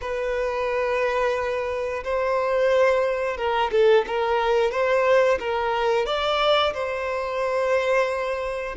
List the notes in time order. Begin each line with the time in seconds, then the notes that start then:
0.01 B4
2.03 C5
3.37 A#4
3.71 A4
4.07 A#4
4.71 C5
5.39 A#4
6.06 D5
6.73 C5